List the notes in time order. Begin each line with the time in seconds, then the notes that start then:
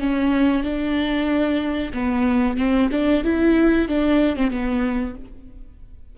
0.00 C#4
0.64 D4
1.94 B3
2.57 C4
2.92 D4
3.24 E4
3.88 D4
4.37 C4
4.51 B3